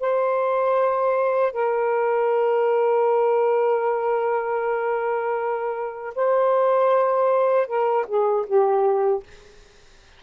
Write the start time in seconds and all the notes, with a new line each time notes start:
0.00 C5
1.53 A#4
6.15 C5
7.67 A#4
8.07 G#4
8.47 G4